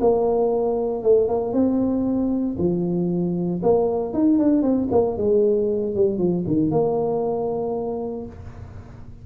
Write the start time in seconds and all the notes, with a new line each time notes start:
0.00 A#3
1.03 A3
1.28 A#3
1.53 C4
2.58 F3
3.63 A#3
4.13 D#4
4.38 D4
4.62 C4
4.91 A#3
5.17 G#3
5.95 G3
6.18 F3
6.47 D#3
6.71 A#3